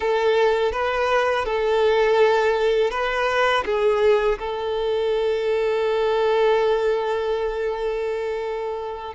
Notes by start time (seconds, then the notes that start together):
0.00 A4
0.72 B4
1.45 A4
2.91 B4
3.65 G#4
4.38 A4